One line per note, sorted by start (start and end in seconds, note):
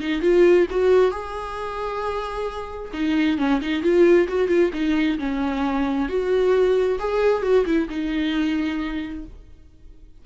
0.00 0.22 D#4
0.22 0.67 F4
0.71 1.11 F#4
1.11 2.92 G#4
2.93 3.38 D#4
3.38 3.61 C#4
3.61 3.83 D#4
3.83 4.28 F4
4.28 4.48 F#4
4.48 4.71 F4
4.73 5.19 D#4
5.19 6.09 C#4
6.09 6.99 F#4
6.99 7.43 G#4
7.43 7.65 F#4
7.66 7.88 E4
7.89 9.25 D#4